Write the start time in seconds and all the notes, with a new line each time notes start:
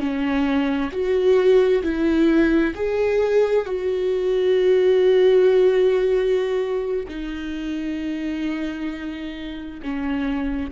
0.00 C#4
0.92 F#4
1.83 E4
2.75 G#4
3.66 F#4
7.08 D#4
9.83 C#4